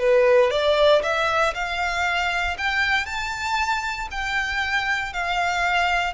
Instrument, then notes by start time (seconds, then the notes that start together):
violin
0.00 B4
0.51 D5
1.03 E5
1.55 F5
2.58 G5
3.06 A5
4.11 G5
5.14 F5